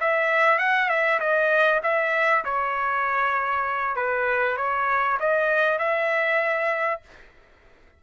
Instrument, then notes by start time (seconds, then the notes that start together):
trumpet
0.00 E5
0.59 F#5
0.89 E5
1.20 D#5
1.83 E5
2.45 C#5
3.96 B4
4.57 C#5
5.20 D#5
5.79 E5